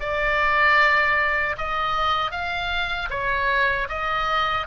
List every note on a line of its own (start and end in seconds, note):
0.00 1.56 D5
1.57 2.31 D#5
2.31 3.09 F5
3.10 3.88 C#5
3.89 4.67 D#5